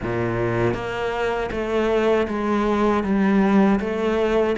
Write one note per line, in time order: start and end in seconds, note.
0.02 0.74 A#2
0.74 1.50 A#3
1.51 2.27 A3
2.28 3.03 G#3
3.03 3.79 G3
3.80 4.56 A3